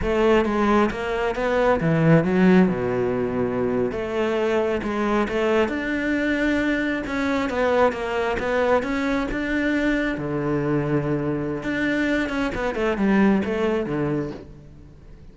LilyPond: \new Staff \with { instrumentName = "cello" } { \time 4/4 \tempo 4 = 134 a4 gis4 ais4 b4 | e4 fis4 b,2~ | b,8. a2 gis4 a16~ | a8. d'2. cis'16~ |
cis'8. b4 ais4 b4 cis'16~ | cis'8. d'2 d4~ d16~ | d2 d'4. cis'8 | b8 a8 g4 a4 d4 | }